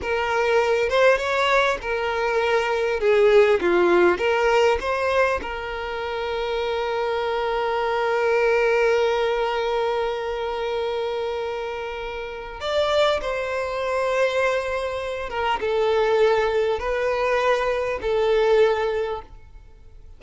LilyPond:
\new Staff \with { instrumentName = "violin" } { \time 4/4 \tempo 4 = 100 ais'4. c''8 cis''4 ais'4~ | ais'4 gis'4 f'4 ais'4 | c''4 ais'2.~ | ais'1~ |
ais'1~ | ais'4 d''4 c''2~ | c''4. ais'8 a'2 | b'2 a'2 | }